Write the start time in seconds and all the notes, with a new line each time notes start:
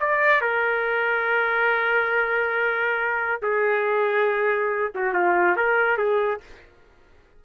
0.00 D5
0.41 A#4
3.42 G#4
4.95 F#4
5.14 F4
5.56 A#4
5.98 G#4